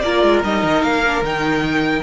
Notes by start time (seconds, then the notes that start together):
0.00 A#3 F4 A#4 D5
0.23 G#3
0.43 G3 D#4 D#5
0.63 D#3
0.82 A#3 F5
1.06 D4
1.22 D#3 D#4 G5